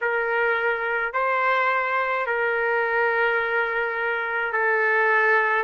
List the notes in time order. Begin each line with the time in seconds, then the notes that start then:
0.01 A#4
1.13 C5
2.26 A#4
4.53 A4